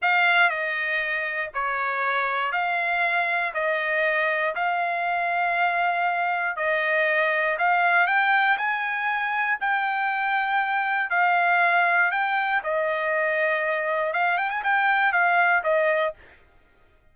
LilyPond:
\new Staff \with { instrumentName = "trumpet" } { \time 4/4 \tempo 4 = 119 f''4 dis''2 cis''4~ | cis''4 f''2 dis''4~ | dis''4 f''2.~ | f''4 dis''2 f''4 |
g''4 gis''2 g''4~ | g''2 f''2 | g''4 dis''2. | f''8 g''16 gis''16 g''4 f''4 dis''4 | }